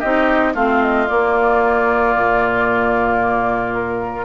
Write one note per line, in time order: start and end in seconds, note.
0.00 0.55 C4
0.00 0.55 D#4
0.00 0.53 G4
0.00 0.54 D#5
0.54 1.08 A3
0.54 1.08 C4
0.54 4.25 F4
0.54 0.82 F5
0.82 1.08 D#5
1.08 4.25 A#3
1.08 2.15 A#3
1.08 3.74 D5
2.15 4.25 A#2
3.74 4.25 A#4